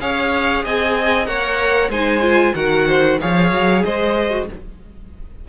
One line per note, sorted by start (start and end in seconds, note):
0.00 0.64 C#4
0.00 1.26 G#4
0.00 0.64 C#5
0.00 0.64 F5
0.64 1.27 C4
0.64 1.28 D#5
0.64 1.25 G#5
1.25 1.89 A#3
1.25 1.90 A#4
1.25 1.90 C#5
1.25 1.89 F#5
1.89 2.52 G#3
1.89 2.21 D#4
1.89 2.54 C5
1.89 2.55 G#5
2.21 2.53 F4
2.54 3.18 D#3
2.54 3.19 F#4
2.54 2.87 A#4
2.54 3.18 F#5
2.87 3.19 C5
3.20 3.51 F3
3.20 4.30 G#4
3.20 3.84 C#5
3.20 3.84 F5
3.51 3.83 F#3
3.84 4.49 G#3
3.84 4.48 C5
3.84 4.48 D#5
4.30 4.45 F#4